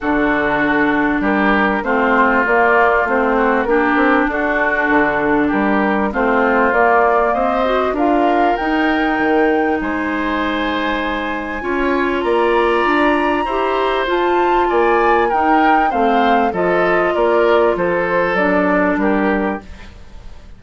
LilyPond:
<<
  \new Staff \with { instrumentName = "flute" } { \time 4/4 \tempo 4 = 98 a'2 ais'4 c''4 | d''4 c''4 ais'4 a'4~ | a'4 ais'4 c''4 d''4 | dis''4 f''4 g''2 |
gis''1 | ais''2. a''4 | gis''4 g''4 f''4 dis''4 | d''4 c''4 d''4 ais'4 | }
  \new Staff \with { instrumentName = "oboe" } { \time 4/4 fis'2 g'4 f'4~ | f'4. fis'8 g'4 fis'4~ | fis'4 g'4 f'2 | c''4 ais'2. |
c''2. cis''4 | d''2 c''2 | d''4 ais'4 c''4 a'4 | ais'4 a'2 g'4 | }
  \new Staff \with { instrumentName = "clarinet" } { \time 4/4 d'2. c'4 | ais4 c'4 d'2~ | d'2 c'4 ais4~ | ais8 fis'8 f'4 dis'2~ |
dis'2. f'4~ | f'2 g'4 f'4~ | f'4 dis'4 c'4 f'4~ | f'2 d'2 | }
  \new Staff \with { instrumentName = "bassoon" } { \time 4/4 d2 g4 a4 | ais4 a4 ais8 c'8 d'4 | d4 g4 a4 ais4 | c'4 d'4 dis'4 dis4 |
gis2. cis'4 | ais4 d'4 e'4 f'4 | ais4 dis'4 a4 f4 | ais4 f4 fis4 g4 | }
>>